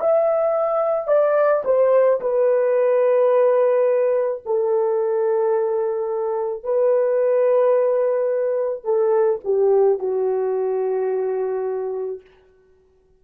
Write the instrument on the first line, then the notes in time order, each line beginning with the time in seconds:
horn
0.00 E5
1.07 D5
1.64 C5
2.20 B4
4.45 A4
6.63 B4
8.84 A4
9.44 G4
9.98 F#4